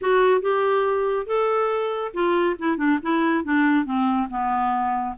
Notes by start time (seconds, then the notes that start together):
0.01 F#4
0.41 G4
1.26 A4
2.13 F4
2.58 E4
2.77 D4
3.02 E4
3.44 D4
3.85 C4
4.30 B3